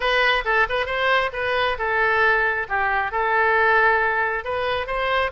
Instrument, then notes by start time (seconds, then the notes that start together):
oboe
0.00 B4
0.44 A4
0.69 B4
0.86 C5
1.33 B4
1.78 A4
2.68 G4
3.11 A4
4.44 B4
4.86 C5